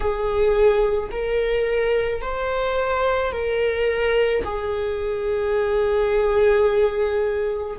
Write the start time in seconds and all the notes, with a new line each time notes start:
0.00 G#4
1.11 A#4
2.21 C5
3.32 A#4
4.44 G#4